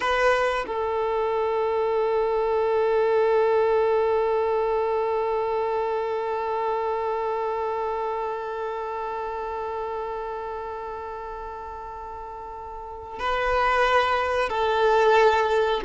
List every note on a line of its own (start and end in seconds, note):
0.00 0.65 B4
0.66 13.19 A4
13.19 14.49 B4
14.49 15.81 A4